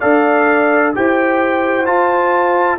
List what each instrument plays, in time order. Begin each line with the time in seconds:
0.00 tuba D4, trombone A4, horn D5, trumpet F5
0.95 tuba E4, trombone G4, horn C5, trumpet G5
1.87 trombone F4, tuba F4, trumpet A5